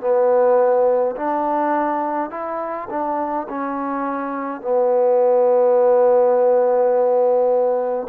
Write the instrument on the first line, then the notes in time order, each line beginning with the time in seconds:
trombone
0.00 B3
1.16 D4
2.30 E4
2.90 D4
3.48 C#4
4.60 B3